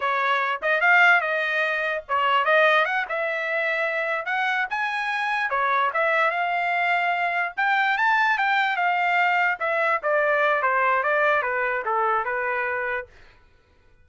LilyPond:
\new Staff \with { instrumentName = "trumpet" } { \time 4/4 \tempo 4 = 147 cis''4. dis''8 f''4 dis''4~ | dis''4 cis''4 dis''4 fis''8 e''8~ | e''2~ e''8 fis''4 gis''8~ | gis''4. cis''4 e''4 f''8~ |
f''2~ f''8 g''4 a''8~ | a''8 g''4 f''2 e''8~ | e''8 d''4. c''4 d''4 | b'4 a'4 b'2 | }